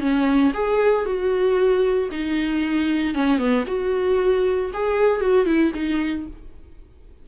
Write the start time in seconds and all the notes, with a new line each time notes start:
0.00 C#4
0.54 G#4
1.05 F#4
2.12 D#4
3.15 C#4
3.38 B3
3.67 F#4
4.73 G#4
5.21 F#4
5.46 E4
5.74 D#4